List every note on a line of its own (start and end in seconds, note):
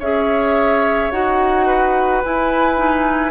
0.00 1.11 C#4
0.00 1.12 G#4
0.00 1.67 C#5
0.00 1.12 E5
1.12 2.23 D#4
1.12 2.23 F#4
1.12 2.23 F#5
1.67 3.31 B4
2.24 2.77 E4
2.24 3.31 E4
2.24 3.31 G#5
2.77 3.31 D#4